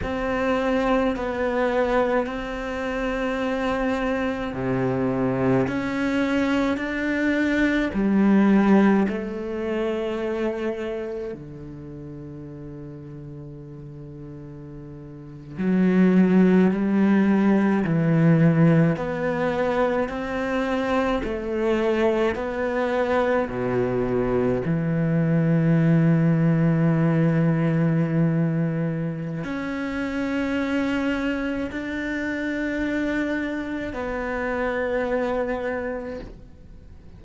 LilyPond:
\new Staff \with { instrumentName = "cello" } { \time 4/4 \tempo 4 = 53 c'4 b4 c'2 | c4 cis'4 d'4 g4 | a2 d2~ | d4.~ d16 fis4 g4 e16~ |
e8. b4 c'4 a4 b16~ | b8. b,4 e2~ e16~ | e2 cis'2 | d'2 b2 | }